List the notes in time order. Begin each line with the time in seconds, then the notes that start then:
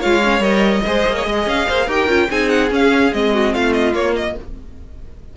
0.00 G#3 F4 C#5 F5
0.23 C#4
0.39 G3 A#4 D#5
0.86 G#3 G#4 C5
1.07 A#3
1.16 C#5
1.26 G#3 D#5
1.47 C#4 F5
1.69 A#3 C5
1.86 D#4 G4 A#4 G5
2.08 C#4 F4
2.30 C4 D#4 G#4 G#5
2.49 F#5
2.70 C#4 F5
3.13 G#3 C4 D#5
3.34 F#4
3.54 A3 F4 F5
3.73 D#5
3.93 A#3 C#5
4.16 D#5